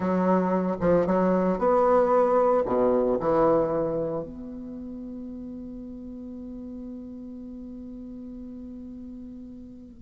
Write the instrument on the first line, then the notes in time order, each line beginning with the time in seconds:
bassoon
0.00 F#3
0.80 F3
1.06 F#3
1.58 B3
2.65 B2
3.19 E3
4.23 B3